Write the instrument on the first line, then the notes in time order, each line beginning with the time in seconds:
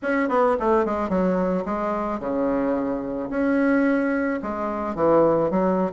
bassoon
0.02 C#4
0.29 B3
0.59 A3
0.85 G#3
1.09 F#3
1.65 G#3
2.19 C#3
3.30 C#4
4.42 G#3
4.95 E3
5.50 F#3